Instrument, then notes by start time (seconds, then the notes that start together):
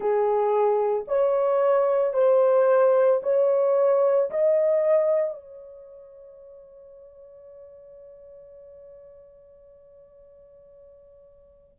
horn
0.00 G#4
1.07 C#5
2.13 C5
3.22 C#5
4.30 D#5
5.33 C#5